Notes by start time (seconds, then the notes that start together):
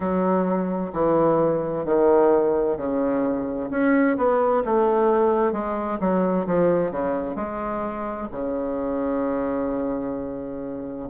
0.00 F#3
0.92 E3
1.85 D#3
2.77 C#3
3.70 C#4
4.17 B3
4.64 A3
5.52 G#3
6.00 F#3
6.46 F3
6.91 C#3
7.35 G#3
8.31 C#3